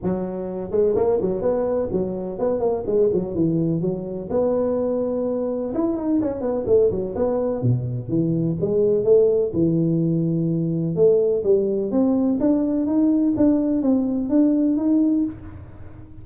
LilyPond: \new Staff \with { instrumentName = "tuba" } { \time 4/4 \tempo 4 = 126 fis4. gis8 ais8 fis8 b4 | fis4 b8 ais8 gis8 fis8 e4 | fis4 b2. | e'8 dis'8 cis'8 b8 a8 fis8 b4 |
b,4 e4 gis4 a4 | e2. a4 | g4 c'4 d'4 dis'4 | d'4 c'4 d'4 dis'4 | }